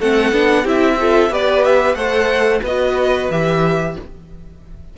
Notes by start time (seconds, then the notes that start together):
0.00 A3 C4 A4 F#5
0.33 B3 D4
0.63 C4 E4 G4 E5
1.00 F4 A4
1.30 B3 G4 B4 D5
1.65 E5
1.95 A3 A4 C5 F#5
2.62 B3 F#4 B4 D#5
3.30 E3 G4 E5